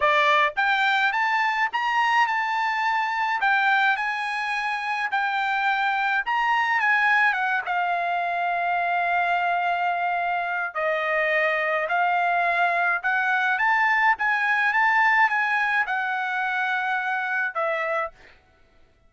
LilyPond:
\new Staff \with { instrumentName = "trumpet" } { \time 4/4 \tempo 4 = 106 d''4 g''4 a''4 ais''4 | a''2 g''4 gis''4~ | gis''4 g''2 ais''4 | gis''4 fis''8 f''2~ f''8~ |
f''2. dis''4~ | dis''4 f''2 fis''4 | a''4 gis''4 a''4 gis''4 | fis''2. e''4 | }